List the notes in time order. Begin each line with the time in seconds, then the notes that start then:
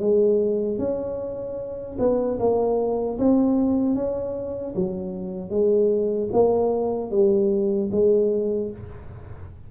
0.00 G#3
0.79 C#4
2.00 B3
2.39 A#3
3.19 C4
3.95 C#4
4.75 F#3
5.50 G#3
6.33 A#3
7.11 G3
7.92 G#3